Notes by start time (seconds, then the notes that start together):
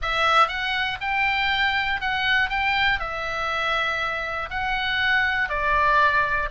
0.02 E5
0.48 F#5
1.00 G5
2.00 F#5
2.49 G5
2.99 E5
4.50 F#5
5.49 D5